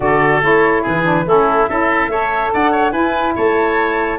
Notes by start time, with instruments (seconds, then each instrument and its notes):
0.00 tuba D3, saxophone F#4, oboe A4, flute D5
0.41 tuba A3, saxophone E4, flute C#5
0.82 tuba E3, oboe G#4, flute B4
1.03 saxophone D4
1.26 tuba A3, saxophone C#4, oboe E4, flute A4
1.66 tuba C#4, saxophone E4, oboe A4, flute E5
2.08 tuba A3, saxophone A4, oboe C#5
2.53 tuba D4, oboe D5, flute F#5
2.71 oboe C#5
2.91 tuba E4, saxophone E4, oboe B4, flute G#5
3.35 tuba A3, oboe C#5, flute A5